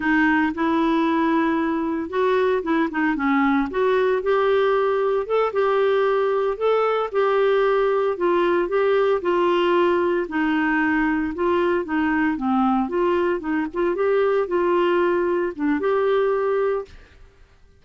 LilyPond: \new Staff \with { instrumentName = "clarinet" } { \time 4/4 \tempo 4 = 114 dis'4 e'2. | fis'4 e'8 dis'8 cis'4 fis'4 | g'2 a'8 g'4.~ | g'8 a'4 g'2 f'8~ |
f'8 g'4 f'2 dis'8~ | dis'4. f'4 dis'4 c'8~ | c'8 f'4 dis'8 f'8 g'4 f'8~ | f'4. d'8 g'2 | }